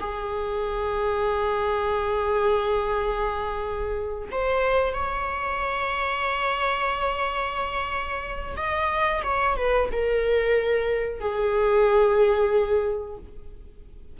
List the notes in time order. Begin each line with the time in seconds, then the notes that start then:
0.00 G#4
4.32 C5
4.93 C#5
8.57 D#5
9.24 C#5
9.57 B4
9.92 A#4
11.20 G#4